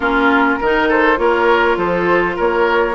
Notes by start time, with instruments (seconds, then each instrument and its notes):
0.00 bassoon A#3, clarinet C#4, oboe F4, flute A#4
0.59 bassoon D#3, clarinet D#4, oboe A#4
0.88 oboe A4, flute C5
1.16 bassoon A#3, clarinet F4, oboe A#4, flute C#5
1.76 bassoon F3, oboe A4, flute C5
2.36 bassoon A#3, oboe A#4, flute C#5